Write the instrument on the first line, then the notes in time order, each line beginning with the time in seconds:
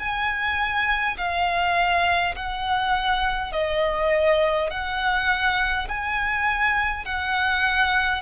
violin
0.00 G#5
1.18 F5
2.36 F#5
3.53 D#5
4.71 F#5
5.89 G#5
7.05 F#5